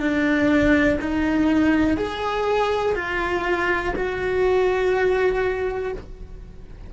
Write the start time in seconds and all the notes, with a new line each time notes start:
0.00 D4
1.01 D#4
1.97 G#4
2.96 F4
3.96 F#4